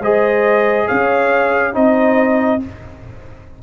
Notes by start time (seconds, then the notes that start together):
0.00 G#3 G#4 C5 D#5
0.87 C#4 C#5 F5
1.73 C4 D#4 C5 D#5